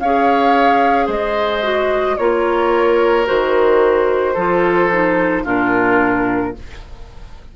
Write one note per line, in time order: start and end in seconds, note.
0.00 1.08 C#4
0.00 1.63 G#4
0.00 1.07 C#5
0.00 1.09 F5
1.07 2.17 G#3
1.07 2.16 C5
1.07 2.18 D#5
1.63 2.17 F#4
2.18 3.28 A#3
2.18 3.26 F4
2.18 4.34 A#4
2.18 3.27 C#5
3.26 4.36 D#3
3.26 4.35 F#4
3.26 5.46 C5
4.34 5.45 F3
4.34 4.91 F4
4.34 5.43 A4
4.92 5.45 D#4
5.44 6.55 A#2
5.44 6.54 D4
5.44 6.53 F4
5.44 6.56 A#4